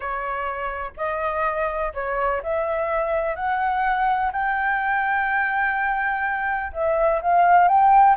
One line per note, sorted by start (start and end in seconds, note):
0.00 0.91 C#5
0.96 1.92 D#5
1.94 2.42 C#5
2.42 3.35 E5
3.35 4.31 F#5
4.32 6.72 G5
6.72 7.20 E5
7.21 7.68 F5
7.68 8.16 G5